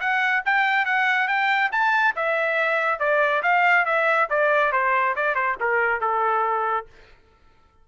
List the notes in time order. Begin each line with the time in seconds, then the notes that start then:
0.00 F#5
0.45 G5
0.85 F#5
1.27 G5
1.72 A5
2.15 E5
2.99 D5
3.42 F5
3.85 E5
4.30 D5
4.72 C5
5.15 D5
5.35 C5
5.60 A#4
6.00 A4